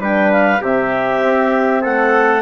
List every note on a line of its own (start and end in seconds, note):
0.00 0.61 G3
0.00 0.61 D4
0.00 0.62 B4
0.00 0.32 G5
0.32 0.63 F5
0.61 1.22 C3
0.61 2.43 C4
0.61 1.82 G4
0.61 1.84 E5
1.24 1.85 C4
1.82 2.43 A3
1.82 2.43 A4
1.82 2.43 F#5